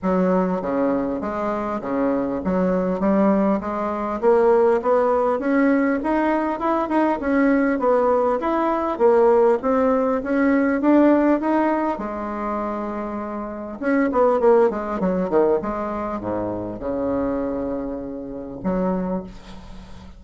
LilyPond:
\new Staff \with { instrumentName = "bassoon" } { \time 4/4 \tempo 4 = 100 fis4 cis4 gis4 cis4 | fis4 g4 gis4 ais4 | b4 cis'4 dis'4 e'8 dis'8 | cis'4 b4 e'4 ais4 |
c'4 cis'4 d'4 dis'4 | gis2. cis'8 b8 | ais8 gis8 fis8 dis8 gis4 gis,4 | cis2. fis4 | }